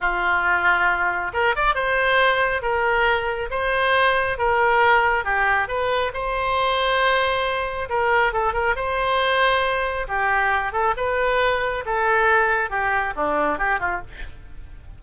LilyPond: \new Staff \with { instrumentName = "oboe" } { \time 4/4 \tempo 4 = 137 f'2. ais'8 d''8 | c''2 ais'2 | c''2 ais'2 | g'4 b'4 c''2~ |
c''2 ais'4 a'8 ais'8 | c''2. g'4~ | g'8 a'8 b'2 a'4~ | a'4 g'4 d'4 g'8 f'8 | }